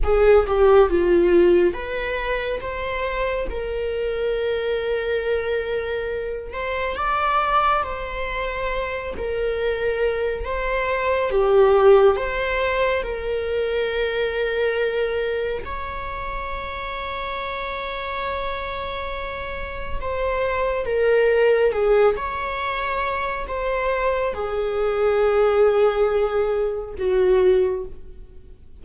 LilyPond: \new Staff \with { instrumentName = "viola" } { \time 4/4 \tempo 4 = 69 gis'8 g'8 f'4 b'4 c''4 | ais'2.~ ais'8 c''8 | d''4 c''4. ais'4. | c''4 g'4 c''4 ais'4~ |
ais'2 cis''2~ | cis''2. c''4 | ais'4 gis'8 cis''4. c''4 | gis'2. fis'4 | }